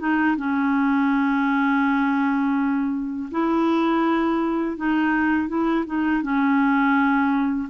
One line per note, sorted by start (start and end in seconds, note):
0.00 0.37 D#4
0.37 3.30 C#4
3.32 4.77 E4
4.77 5.49 D#4
5.49 5.85 E4
5.87 6.23 D#4
6.23 7.69 C#4